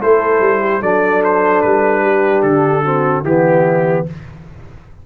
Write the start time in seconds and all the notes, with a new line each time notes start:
0.00 A3 E4 A4 C5
0.40 G3
0.60 G4
0.80 F#3 D4 A4 D5
1.23 C5
1.61 G3 B4
2.02 G4
2.42 D3 A4
2.83 C4 F#4
3.24 E3 B3 E4 G4